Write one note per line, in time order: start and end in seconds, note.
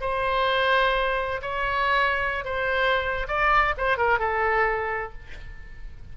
0.00 1.41 C5
1.41 2.44 C#5
2.44 3.26 C5
3.27 3.74 D5
3.77 3.97 C5
3.97 4.18 A#4
4.18 5.12 A4